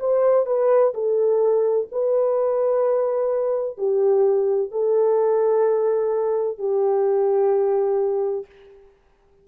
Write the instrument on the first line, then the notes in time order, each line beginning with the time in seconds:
horn
0.00 C5
0.46 B4
0.94 A4
1.92 B4
3.78 G4
4.72 A4
6.58 G4